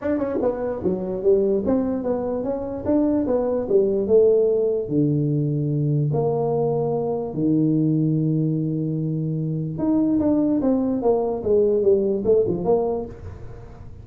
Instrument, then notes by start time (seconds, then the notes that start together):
tuba
0.01 D4
0.18 C#4
0.41 B3
0.83 F#3
1.22 G3
1.65 C4
2.03 B3
2.43 C#4
2.85 D4
3.27 B3
3.68 G3
4.07 A3
4.88 D3
6.13 A#3
7.34 D#3
9.78 D#4
10.19 D4
10.61 C4
11.01 A#3
11.43 G#3
11.82 G3
12.24 A3
12.47 F3
12.64 A#3